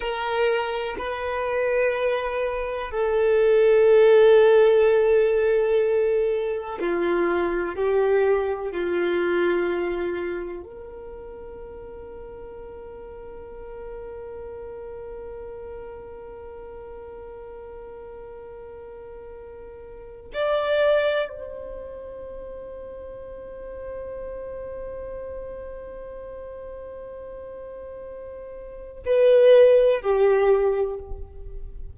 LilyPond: \new Staff \with { instrumentName = "violin" } { \time 4/4 \tempo 4 = 62 ais'4 b'2 a'4~ | a'2. f'4 | g'4 f'2 ais'4~ | ais'1~ |
ais'1~ | ais'4 d''4 c''2~ | c''1~ | c''2 b'4 g'4 | }